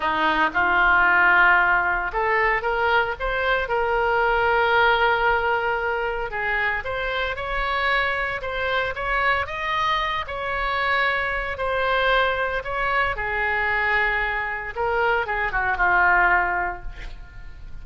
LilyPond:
\new Staff \with { instrumentName = "oboe" } { \time 4/4 \tempo 4 = 114 dis'4 f'2. | a'4 ais'4 c''4 ais'4~ | ais'1 | gis'4 c''4 cis''2 |
c''4 cis''4 dis''4. cis''8~ | cis''2 c''2 | cis''4 gis'2. | ais'4 gis'8 fis'8 f'2 | }